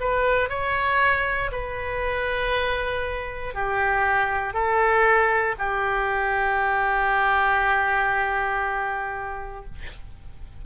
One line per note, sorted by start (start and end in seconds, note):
0.00 0.49 B4
0.49 1.51 C#5
1.52 3.55 B4
3.55 4.53 G4
4.53 5.55 A4
5.58 9.65 G4